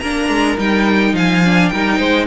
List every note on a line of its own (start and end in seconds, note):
0.00 0.29 A#3
0.00 0.58 D4
0.00 1.15 A#4
0.00 0.57 A#5
0.29 0.58 G#3
0.58 1.13 G3
0.58 1.43 D#4
0.58 1.16 G5
1.13 1.70 F3
1.13 1.72 F5
1.13 1.69 G#5
1.45 1.73 D4
1.69 1.99 G3
1.69 2.27 D#4
1.69 1.98 A#4
1.69 2.26 G5
1.98 2.27 G#3
1.98 2.26 C5